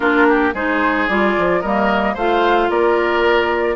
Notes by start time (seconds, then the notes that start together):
0.00 A#3 D4 F4 A#4
0.28 G4
0.53 G#3 D#4 G#4 C5
1.08 G3 F4 D5
1.38 F3
1.60 G3 A#3 A#4 D#5
2.14 A3 F4 C5 F5
2.69 A#3 A#4 D5